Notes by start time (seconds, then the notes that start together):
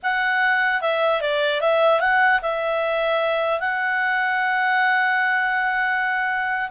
0.03 F#5
0.81 E5
1.21 D5
1.60 E5
2.00 F#5
2.41 E5
3.60 F#5